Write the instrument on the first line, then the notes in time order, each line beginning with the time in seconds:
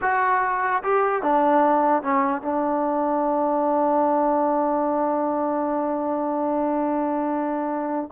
trombone
0.01 F#4
0.83 G4
1.22 D4
2.03 C#4
2.42 D4